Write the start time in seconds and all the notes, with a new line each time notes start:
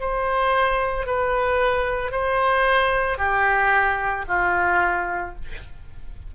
0.00 C5
1.06 B4
2.11 C5
3.18 G4
4.28 F4